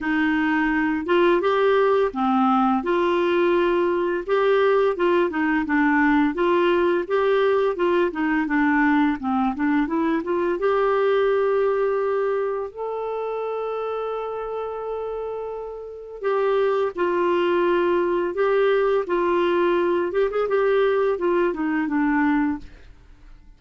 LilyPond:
\new Staff \with { instrumentName = "clarinet" } { \time 4/4 \tempo 4 = 85 dis'4. f'8 g'4 c'4 | f'2 g'4 f'8 dis'8 | d'4 f'4 g'4 f'8 dis'8 | d'4 c'8 d'8 e'8 f'8 g'4~ |
g'2 a'2~ | a'2. g'4 | f'2 g'4 f'4~ | f'8 g'16 gis'16 g'4 f'8 dis'8 d'4 | }